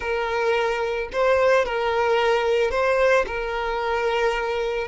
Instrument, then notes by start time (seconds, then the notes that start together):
violin
0.00 A#4
1.12 C5
1.65 A#4
2.70 C5
3.27 A#4